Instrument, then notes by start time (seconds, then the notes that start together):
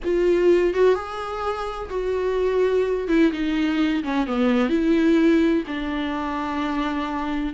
viola
0.04 F4
0.74 F#4
0.94 G#4
1.89 F#4
3.08 E4
3.32 D#4
4.03 C#4
4.26 B3
4.69 E4
5.67 D4